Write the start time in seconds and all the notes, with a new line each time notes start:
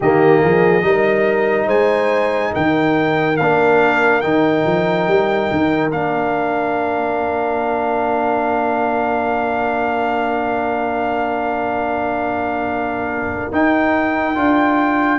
0.00 D#3 A#3 G4 D#5
0.42 F3 G#4
0.81 G3 D#4 A#4
1.67 G#3 C5 G#5
2.53 D#3 A#4 G5
3.36 A#3 D4 F5
4.20 D#3 D#4 G5
4.66 F3
5.07 G3
5.51 D#3
5.91 A#3 D4 F5
13.52 D#4 G5
14.35 D4 F4